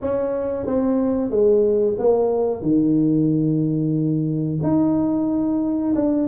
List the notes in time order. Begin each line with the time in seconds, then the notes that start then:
0.01 C#4
0.66 C4
1.30 G#3
1.98 A#3
2.62 D#3
4.62 D#4
5.95 D4